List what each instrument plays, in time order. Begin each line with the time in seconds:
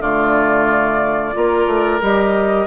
0.00 bassoon D3, clarinet A3, oboe F4, flute D5
1.33 bassoon A#3, clarinet F4, oboe A#4
1.66 bassoon A3
2.01 bassoon G3, clarinet G4, flute D#5